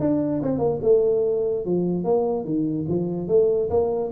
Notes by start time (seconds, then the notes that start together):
0.00 D4
0.43 C4
0.59 A#3
0.82 A3
1.65 F3
2.04 A#3
2.45 D#3
2.88 F3
3.28 A3
3.70 A#3